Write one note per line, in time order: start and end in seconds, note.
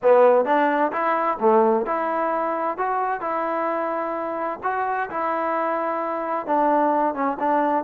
0.02 0.45 B3
0.45 0.91 D4
0.92 1.38 E4
1.40 1.85 A3
1.85 2.77 E4
2.77 3.21 F#4
3.21 4.59 E4
4.63 5.09 F#4
5.10 6.46 E4
6.46 7.14 D4
7.14 7.37 C#4
7.39 7.84 D4